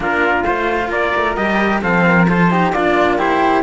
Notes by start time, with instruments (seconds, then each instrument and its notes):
0.00 cello A#3 D4, flute F4, trumpet A#4
0.44 cello A3 F4, trumpet C5
0.89 cello A#3, flute A#4, trumpet D5
1.16 cello A3
1.36 cello G3 G4, trumpet D#5
1.81 cello F3 C4, flute A4, trumpet F5
2.06 flute A#4
2.29 cello F4, flute A4, trumpet C5
2.50 cello D#4, flute G4
2.72 cello A#3 D4, flute F4, trumpet D5
3.17 cello E4, flute G4, trumpet C5